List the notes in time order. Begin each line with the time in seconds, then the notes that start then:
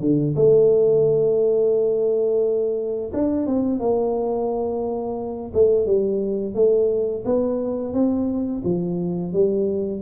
0.00 D3
0.35 A3
3.13 D4
3.46 C4
3.79 A#3
5.53 A3
5.86 G3
6.55 A3
7.25 B3
7.93 C4
8.64 F3
9.33 G3